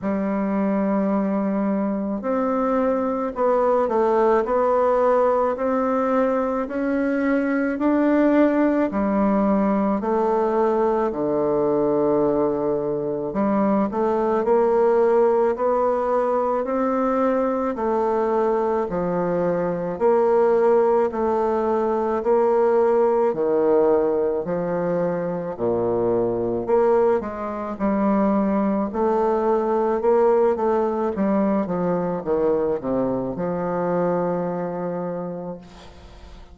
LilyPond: \new Staff \with { instrumentName = "bassoon" } { \time 4/4 \tempo 4 = 54 g2 c'4 b8 a8 | b4 c'4 cis'4 d'4 | g4 a4 d2 | g8 a8 ais4 b4 c'4 |
a4 f4 ais4 a4 | ais4 dis4 f4 ais,4 | ais8 gis8 g4 a4 ais8 a8 | g8 f8 dis8 c8 f2 | }